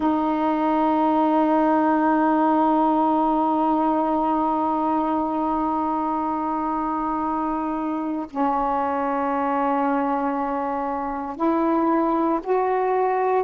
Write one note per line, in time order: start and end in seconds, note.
0.00 8.26 D#4
8.30 11.36 C#4
11.36 12.39 E4
12.43 13.43 F#4